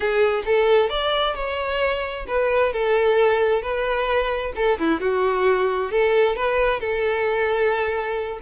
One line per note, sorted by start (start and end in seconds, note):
0.00 0.43 G#4
0.45 0.89 A4
0.89 1.35 D5
1.35 2.25 C#5
2.27 2.72 B4
2.72 3.62 A4
3.62 4.52 B4
4.55 4.78 A4
4.79 5.00 E4
5.00 5.91 F#4
5.91 6.36 A4
6.36 6.80 B4
6.80 8.39 A4